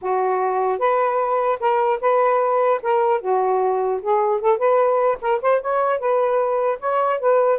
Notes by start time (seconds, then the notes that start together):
0.01 F#4
0.78 B4
1.60 A#4
2.00 B4
2.82 A#4
3.21 F#4
4.01 G#4
4.40 A4
4.58 B4
5.21 A#4
5.41 C5
5.61 C#5
5.99 B4
6.79 C#5
7.19 B4